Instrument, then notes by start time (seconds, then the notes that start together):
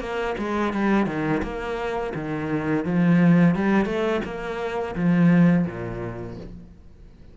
cello
0.00 A#3
0.39 G#3
0.73 G3
1.07 D#3
1.43 A#3
2.15 D#3
2.85 F3
3.56 G3
3.86 A3
4.25 A#3
4.96 F3
5.67 A#2